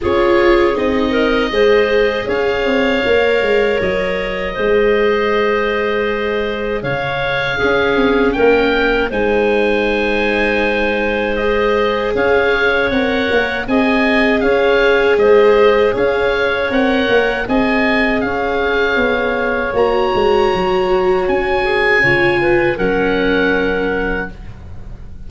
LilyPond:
<<
  \new Staff \with { instrumentName = "oboe" } { \time 4/4 \tempo 4 = 79 cis''4 dis''2 f''4~ | f''4 dis''2.~ | dis''4 f''2 g''4 | gis''2. dis''4 |
f''4 fis''4 gis''4 f''4 | dis''4 f''4 fis''4 gis''4 | f''2 ais''2 | gis''2 fis''2 | }
  \new Staff \with { instrumentName = "clarinet" } { \time 4/4 gis'4. ais'8 c''4 cis''4~ | cis''2 c''2~ | c''4 cis''4 gis'4 ais'4 | c''1 |
cis''2 dis''4 cis''4 | c''4 cis''2 dis''4 | cis''1~ | cis''8 gis'8 cis''8 b'8 ais'2 | }
  \new Staff \with { instrumentName = "viola" } { \time 4/4 f'4 dis'4 gis'2 | ais'2 gis'2~ | gis'2 cis'2 | dis'2. gis'4~ |
gis'4 ais'4 gis'2~ | gis'2 ais'4 gis'4~ | gis'2 fis'2~ | fis'4 f'4 cis'2 | }
  \new Staff \with { instrumentName = "tuba" } { \time 4/4 cis'4 c'4 gis4 cis'8 c'8 | ais8 gis8 fis4 gis2~ | gis4 cis4 cis'8 c'8 ais4 | gis1 |
cis'4 c'8 ais8 c'4 cis'4 | gis4 cis'4 c'8 ais8 c'4 | cis'4 b4 ais8 gis8 fis4 | cis'4 cis4 fis2 | }
>>